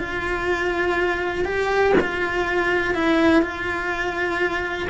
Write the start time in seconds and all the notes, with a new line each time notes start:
0.00 F4
1.45 G4
2.01 F4
2.95 E4
3.42 F4